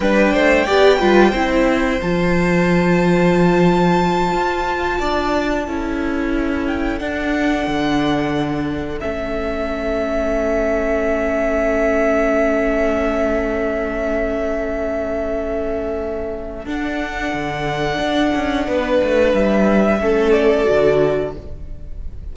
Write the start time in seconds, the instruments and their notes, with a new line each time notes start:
0.00 cello G3, viola D4, violin B4 G5
0.33 cello A3, violin C5
0.65 cello B3, viola G4, violin D5
0.99 cello G3, viola F4, violin B4
1.31 cello C4, viola E4, violin C5
2.01 cello F3, viola F4, violin A5
4.32 cello F4
4.99 cello D4, violin D5
5.65 cello C#4, viola E4, violin A4
6.66 violin G5
6.98 viola D4, cello D4, violin F#5
7.67 cello D3
9.00 cello A3, viola C#4, violin E5
16.65 viola D4, cello D4, violin F#5
17.33 cello D3
17.98 cello D4
18.35 cello C#4
18.67 cello B3, violin B4
19.02 cello A3
19.33 cello G3, violin E5
19.99 cello A3, viola C#4, violin A4
20.32 violin D5
20.65 cello D3, viola F#4